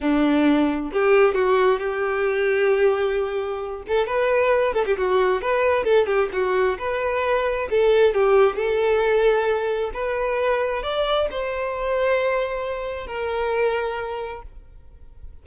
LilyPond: \new Staff \with { instrumentName = "violin" } { \time 4/4 \tempo 4 = 133 d'2 g'4 fis'4 | g'1~ | g'8 a'8 b'4. a'16 g'16 fis'4 | b'4 a'8 g'8 fis'4 b'4~ |
b'4 a'4 g'4 a'4~ | a'2 b'2 | d''4 c''2.~ | c''4 ais'2. | }